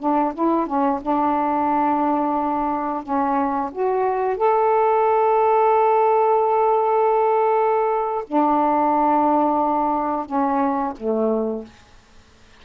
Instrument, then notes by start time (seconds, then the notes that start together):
saxophone
0.00 D4
0.35 E4
0.67 C#4
1.02 D4
3.04 C#4
3.72 F#4
4.37 A4
8.28 D4
10.27 C#4
10.98 A3